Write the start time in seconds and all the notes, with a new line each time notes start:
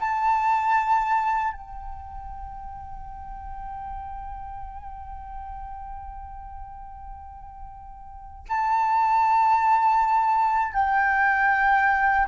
0.00 A5
1.53 G5
8.49 A5
10.73 G5